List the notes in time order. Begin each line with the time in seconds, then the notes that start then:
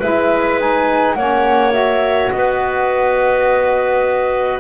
0.00 G#3 E4 B4 E5
0.59 D#4 G#5
1.14 A#3 C#4 C#5 F#5
1.71 F#4 E5
2.31 B3 B4 D#5